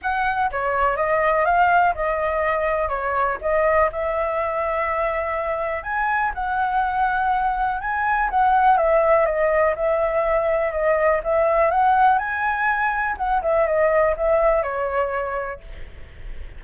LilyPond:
\new Staff \with { instrumentName = "flute" } { \time 4/4 \tempo 4 = 123 fis''4 cis''4 dis''4 f''4 | dis''2 cis''4 dis''4 | e''1 | gis''4 fis''2. |
gis''4 fis''4 e''4 dis''4 | e''2 dis''4 e''4 | fis''4 gis''2 fis''8 e''8 | dis''4 e''4 cis''2 | }